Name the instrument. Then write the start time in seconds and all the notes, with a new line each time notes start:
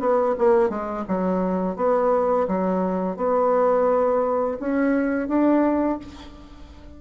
bassoon
0.00 B3
0.38 A#3
0.69 G#3
1.08 F#3
1.76 B3
2.48 F#3
3.17 B3
4.60 C#4
5.28 D4